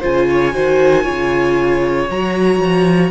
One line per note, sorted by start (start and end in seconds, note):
0.00 0.54 C#3
0.00 0.53 F4
0.00 0.26 C5
0.00 2.10 G#5
0.30 0.55 C#5
0.53 1.06 D#3
0.53 1.04 F#4
0.53 1.03 C5
1.03 2.09 C#3
1.03 2.07 F4
1.03 3.10 C#5
2.09 2.59 F#3
2.09 3.11 F#4
2.09 3.11 A#5
2.59 3.11 F3